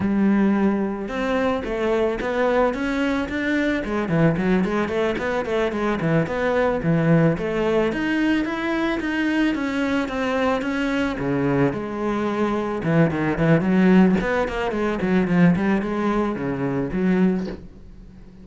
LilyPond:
\new Staff \with { instrumentName = "cello" } { \time 4/4 \tempo 4 = 110 g2 c'4 a4 | b4 cis'4 d'4 gis8 e8 | fis8 gis8 a8 b8 a8 gis8 e8 b8~ | b8 e4 a4 dis'4 e'8~ |
e'8 dis'4 cis'4 c'4 cis'8~ | cis'8 cis4 gis2 e8 | dis8 e8 fis4 b8 ais8 gis8 fis8 | f8 g8 gis4 cis4 fis4 | }